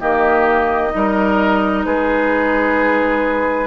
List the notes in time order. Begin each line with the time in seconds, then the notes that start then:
0.00 D#3 A#3 G4 D#5
0.90 G3 D#4
0.96 A#4
1.85 G#3 G#4 B4